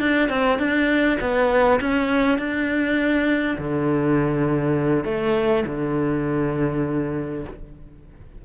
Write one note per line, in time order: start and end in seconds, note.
0.00 0.30 D4
0.30 0.59 C4
0.59 1.19 D4
1.21 1.80 B3
1.81 2.39 C#4
2.39 3.58 D4
3.59 5.05 D3
5.05 5.64 A3
5.67 7.45 D3